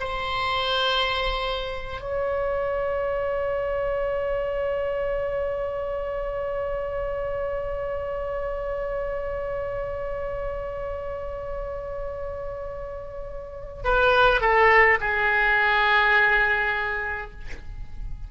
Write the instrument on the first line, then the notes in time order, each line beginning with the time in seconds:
oboe
0.00 C5
2.01 C#5
13.84 B4
14.41 A4
15.01 G#4